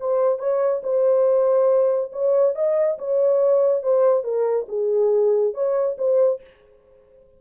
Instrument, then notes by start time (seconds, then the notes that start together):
horn
0.00 C5
0.39 C#5
0.83 C5
2.12 C#5
2.55 D#5
2.98 C#5
3.82 C5
4.23 A#4
4.68 G#4
5.54 C#5
5.98 C5